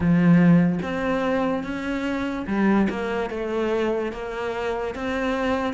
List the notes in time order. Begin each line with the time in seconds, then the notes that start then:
0.00 F3
0.82 C4
1.63 C#4
2.47 G3
2.89 A#3
3.30 A3
4.12 A#3
4.95 C4